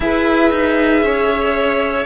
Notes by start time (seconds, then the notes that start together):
0.00 E4 G#4 B4 E5
0.51 D#4
1.02 C#4 C#5